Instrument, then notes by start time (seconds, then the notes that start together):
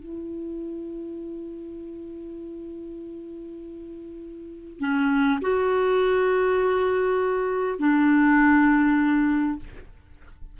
clarinet
0.00 E4
4.79 C#4
5.41 F#4
7.79 D4